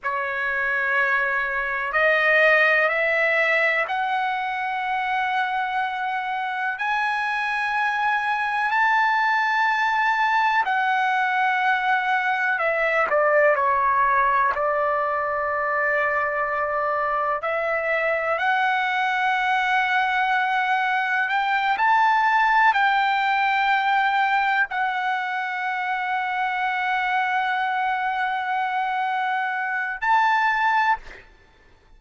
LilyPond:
\new Staff \with { instrumentName = "trumpet" } { \time 4/4 \tempo 4 = 62 cis''2 dis''4 e''4 | fis''2. gis''4~ | gis''4 a''2 fis''4~ | fis''4 e''8 d''8 cis''4 d''4~ |
d''2 e''4 fis''4~ | fis''2 g''8 a''4 g''8~ | g''4. fis''2~ fis''8~ | fis''2. a''4 | }